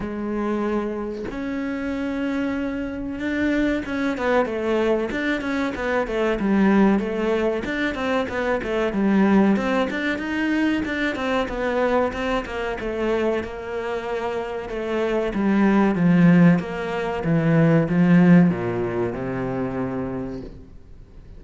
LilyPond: \new Staff \with { instrumentName = "cello" } { \time 4/4 \tempo 4 = 94 gis2 cis'2~ | cis'4 d'4 cis'8 b8 a4 | d'8 cis'8 b8 a8 g4 a4 | d'8 c'8 b8 a8 g4 c'8 d'8 |
dis'4 d'8 c'8 b4 c'8 ais8 | a4 ais2 a4 | g4 f4 ais4 e4 | f4 ais,4 c2 | }